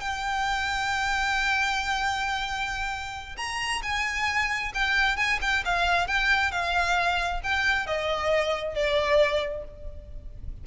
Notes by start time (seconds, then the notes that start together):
0.00 G5
3.37 A#5
3.82 G#5
4.74 G5
5.16 G#5
5.41 G5
5.65 F5
6.07 G5
6.51 F5
7.43 G5
7.86 D#5
8.75 D5